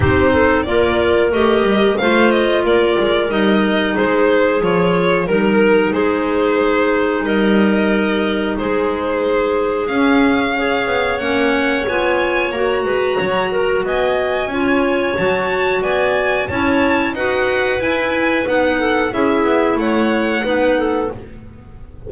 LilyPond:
<<
  \new Staff \with { instrumentName = "violin" } { \time 4/4 \tempo 4 = 91 c''4 d''4 dis''4 f''8 dis''8 | d''4 dis''4 c''4 cis''4 | ais'4 c''2 dis''4~ | dis''4 c''2 f''4~ |
f''4 fis''4 gis''4 ais''4~ | ais''4 gis''2 a''4 | gis''4 a''4 fis''4 gis''4 | fis''4 e''4 fis''2 | }
  \new Staff \with { instrumentName = "clarinet" } { \time 4/4 g'8 a'8 ais'2 c''4 | ais'2 gis'2 | ais'4 gis'2 ais'4~ | ais'4 gis'2. |
cis''2.~ cis''8 b'8 | cis''8 ais'8 dis''4 cis''2 | d''4 cis''4 b'2~ | b'8 a'8 gis'4 cis''4 b'8 a'8 | }
  \new Staff \with { instrumentName = "clarinet" } { \time 4/4 dis'4 f'4 g'4 f'4~ | f'4 dis'2 f'4 | dis'1~ | dis'2. cis'4 |
gis'4 cis'4 f'4 fis'4~ | fis'2 f'4 fis'4~ | fis'4 e'4 fis'4 e'4 | dis'4 e'2 dis'4 | }
  \new Staff \with { instrumentName = "double bass" } { \time 4/4 c'4 ais4 a8 g8 a4 | ais8 gis8 g4 gis4 f4 | g4 gis2 g4~ | g4 gis2 cis'4~ |
cis'8 b8 ais4 b4 ais8 gis8 | fis4 b4 cis'4 fis4 | b4 cis'4 dis'4 e'4 | b4 cis'8 b8 a4 b4 | }
>>